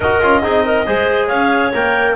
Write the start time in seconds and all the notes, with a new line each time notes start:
0.00 D#4 F#4 A#4 D#5
0.22 C#4 F4
0.42 C4 D#4 G#4
0.64 A#4
0.86 G#3 G#4 C5
1.27 C#4 C#5 F5
1.73 A#3 A#4 G5